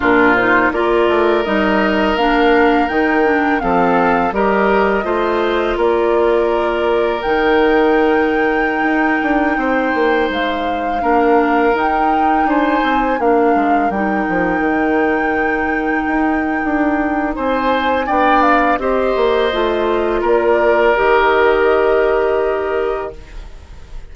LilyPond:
<<
  \new Staff \with { instrumentName = "flute" } { \time 4/4 \tempo 4 = 83 ais'8 c''8 d''4 dis''4 f''4 | g''4 f''4 dis''2 | d''2 g''2~ | g''2~ g''16 f''4.~ f''16~ |
f''16 g''4 gis''4 f''4 g''8.~ | g''1 | gis''4 g''8 f''8 dis''2 | d''4 dis''2. | }
  \new Staff \with { instrumentName = "oboe" } { \time 4/4 f'4 ais'2.~ | ais'4 a'4 ais'4 c''4 | ais'1~ | ais'4~ ais'16 c''2 ais'8.~ |
ais'4~ ais'16 c''4 ais'4.~ ais'16~ | ais'1 | c''4 d''4 c''2 | ais'1 | }
  \new Staff \with { instrumentName = "clarinet" } { \time 4/4 d'8 dis'8 f'4 dis'4 d'4 | dis'8 d'8 c'4 g'4 f'4~ | f'2 dis'2~ | dis'2.~ dis'16 d'8.~ |
d'16 dis'2 d'4 dis'8.~ | dis'1~ | dis'4 d'4 g'4 f'4~ | f'4 g'2. | }
  \new Staff \with { instrumentName = "bassoon" } { \time 4/4 ais,4 ais8 a8 g4 ais4 | dis4 f4 g4 a4 | ais2 dis2~ | dis16 dis'8 d'8 c'8 ais8 gis4 ais8.~ |
ais16 dis'4 d'8 c'8 ais8 gis8 g8 f16~ | f16 dis2 dis'8. d'4 | c'4 b4 c'8 ais8 a4 | ais4 dis2. | }
>>